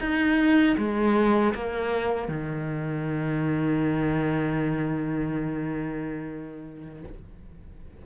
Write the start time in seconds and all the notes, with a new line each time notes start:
0.00 D#4
0.77 G#3
1.54 A#3
2.28 D#3